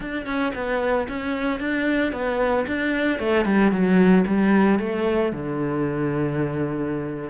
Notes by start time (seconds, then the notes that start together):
0.00 D4
0.25 C#4
0.54 B3
1.08 C#4
1.59 D4
2.12 B3
2.67 D4
3.19 A3
3.45 G3
3.71 F#3
4.26 G3
4.79 A3
5.32 D3